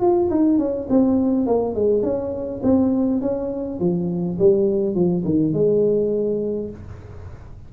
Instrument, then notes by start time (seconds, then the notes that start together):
tuba
0.00 F4
0.30 D#4
0.58 C#4
0.89 C4
1.46 A#3
1.74 G#3
2.03 C#4
2.63 C4
3.21 C#4
3.79 F3
4.38 G3
4.95 F3
5.24 D#3
5.53 G#3